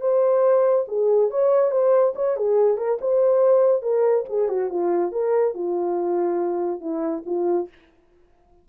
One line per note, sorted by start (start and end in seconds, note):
0.00 0.85 C5
0.88 1.30 G#4
1.30 1.71 C#5
1.71 2.13 C5
2.15 2.36 C#5
2.36 2.77 G#4
2.77 2.98 A#4
3.01 3.82 C5
3.82 4.24 A#4
4.29 4.48 G#4
4.48 4.69 F#4
4.70 5.11 F4
5.11 5.54 A#4
5.54 6.80 F4
6.80 7.23 E4
7.26 7.68 F4